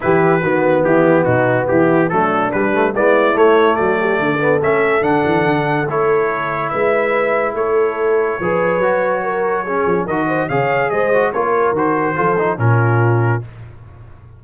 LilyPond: <<
  \new Staff \with { instrumentName = "trumpet" } { \time 4/4 \tempo 4 = 143 b'2 g'4 fis'4 | g'4 a'4 b'4 d''4 | cis''4 d''2 e''4 | fis''2 cis''2 |
e''2 cis''2~ | cis''1 | dis''4 f''4 dis''4 cis''4 | c''2 ais'2 | }
  \new Staff \with { instrumentName = "horn" } { \time 4/4 g'4 fis'4 e'4 dis'4 | e'4 d'2 e'4~ | e'4 fis'8 g'8 a'2~ | a'1 |
b'2 a'2 | b'2 ais'4 gis'4 | ais'8 c''8 cis''4 c''4 ais'4~ | ais'4 a'4 f'2 | }
  \new Staff \with { instrumentName = "trombone" } { \time 4/4 e'4 b2.~ | b4 a4 g8 a8 b4 | a2~ a8 b8 cis'4 | d'2 e'2~ |
e'1 | gis'4 fis'2 cis'4 | fis'4 gis'4. fis'8 f'4 | fis'4 f'8 dis'8 cis'2 | }
  \new Staff \with { instrumentName = "tuba" } { \time 4/4 e4 dis4 e4 b,4 | e4 fis4 g4 gis4 | a4 fis4 d4 a4 | d8 e8 d4 a2 |
gis2 a2 | f4 fis2~ fis8 f8 | dis4 cis4 gis4 ais4 | dis4 f4 ais,2 | }
>>